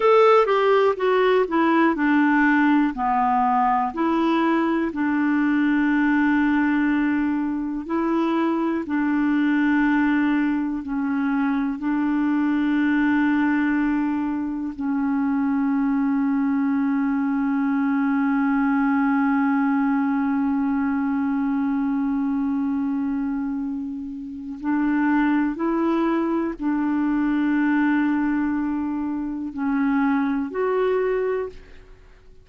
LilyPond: \new Staff \with { instrumentName = "clarinet" } { \time 4/4 \tempo 4 = 61 a'8 g'8 fis'8 e'8 d'4 b4 | e'4 d'2. | e'4 d'2 cis'4 | d'2. cis'4~ |
cis'1~ | cis'1~ | cis'4 d'4 e'4 d'4~ | d'2 cis'4 fis'4 | }